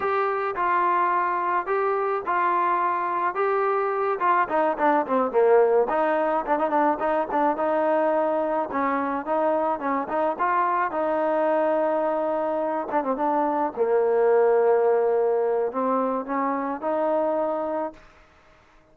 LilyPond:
\new Staff \with { instrumentName = "trombone" } { \time 4/4 \tempo 4 = 107 g'4 f'2 g'4 | f'2 g'4. f'8 | dis'8 d'8 c'8 ais4 dis'4 d'16 dis'16 | d'8 dis'8 d'8 dis'2 cis'8~ |
cis'8 dis'4 cis'8 dis'8 f'4 dis'8~ | dis'2. d'16 c'16 d'8~ | d'8 ais2.~ ais8 | c'4 cis'4 dis'2 | }